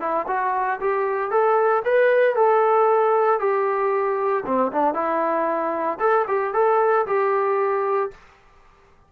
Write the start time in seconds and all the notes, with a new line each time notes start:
0.00 E4
0.27 F#4
0.80 G4
1.30 A4
1.85 B4
2.36 A4
3.40 G4
4.45 C4
4.72 D4
4.94 E4
6.00 A4
6.27 G4
6.54 A4
7.06 G4